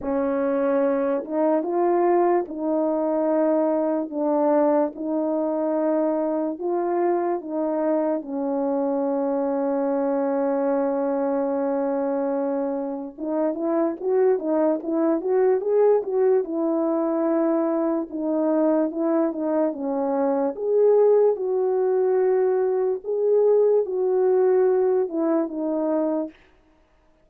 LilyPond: \new Staff \with { instrumentName = "horn" } { \time 4/4 \tempo 4 = 73 cis'4. dis'8 f'4 dis'4~ | dis'4 d'4 dis'2 | f'4 dis'4 cis'2~ | cis'1 |
dis'8 e'8 fis'8 dis'8 e'8 fis'8 gis'8 fis'8 | e'2 dis'4 e'8 dis'8 | cis'4 gis'4 fis'2 | gis'4 fis'4. e'8 dis'4 | }